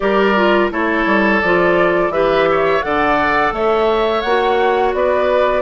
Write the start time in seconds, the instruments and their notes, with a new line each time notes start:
0.00 bassoon G3, clarinet G4, oboe A#4, flute D5
0.35 clarinet F4
0.70 bassoon A3, clarinet E4, oboe A4, flute C#5
1.05 bassoon G3
1.41 bassoon F3, clarinet F4, flute D5
2.09 bassoon E3, clarinet G4, oboe B4, flute E5
2.50 oboe C#5
2.82 bassoon D3, clarinet A4, oboe D5, flute F#5
3.52 bassoon A3, oboe C#5, flute E5
4.21 bassoon A#3, clarinet F#4, flute F#5
4.93 bassoon B3, oboe B4, flute D5